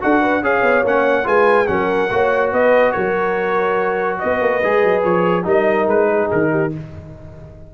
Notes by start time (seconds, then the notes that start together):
0.00 D4 F#4 A4 F#5
0.21 B4
0.42 C#4 G#4 C#5 F5
0.62 B3
0.83 A#3 C#4 F#5
1.24 G#3 F4 B4 G#5
1.67 F#3 C#4 A#4 F#5
2.10 A#3 F#4 C#5
2.52 B3 B4 D#5
2.92 F#3 A#4 C#5
4.19 B3 B4 D#5
4.41 A#3
4.63 G#3 G#4
4.83 F#3
5.03 F3 C#5
5.44 G3 D#4 A#4 D#5
5.87 G#3 B4
6.08 G#4
6.31 D#3 A#4
6.51 G4